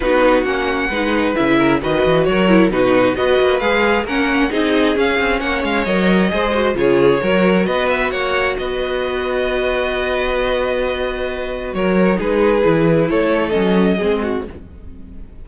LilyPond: <<
  \new Staff \with { instrumentName = "violin" } { \time 4/4 \tempo 4 = 133 b'4 fis''2 e''4 | dis''4 cis''4 b'4 dis''4 | f''4 fis''4 dis''4 f''4 | fis''8 f''8 dis''2 cis''4~ |
cis''4 dis''8 e''8 fis''4 dis''4~ | dis''1~ | dis''2 cis''4 b'4~ | b'4 cis''4 dis''2 | }
  \new Staff \with { instrumentName = "violin" } { \time 4/4 fis'2 b'4. ais'8 | b'4 ais'4 fis'4 b'4~ | b'4 ais'4 gis'2 | cis''2 c''4 gis'4 |
ais'4 b'4 cis''4 b'4~ | b'1~ | b'2 ais'4 gis'4~ | gis'4 a'2 gis'8 fis'8 | }
  \new Staff \with { instrumentName = "viola" } { \time 4/4 dis'4 cis'4 dis'4 e'4 | fis'4. e'8 dis'4 fis'4 | gis'4 cis'4 dis'4 cis'4~ | cis'4 ais'4 gis'8 fis'8 f'4 |
fis'1~ | fis'1~ | fis'2. dis'4 | e'2 cis'4 c'4 | }
  \new Staff \with { instrumentName = "cello" } { \time 4/4 b4 ais4 gis4 cis4 | dis8 e8 fis4 b,4 b8 ais8 | gis4 ais4 c'4 cis'8 c'8 | ais8 gis8 fis4 gis4 cis4 |
fis4 b4 ais4 b4~ | b1~ | b2 fis4 gis4 | e4 a4 fis4 gis4 | }
>>